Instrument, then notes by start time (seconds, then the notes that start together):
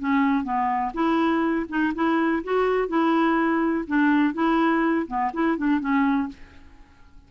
clarinet
0.00 C#4
0.44 B3
0.94 E4
1.69 D#4
1.95 E4
2.44 F#4
2.89 E4
3.88 D4
4.34 E4
5.08 B3
5.34 E4
5.58 D4
5.81 C#4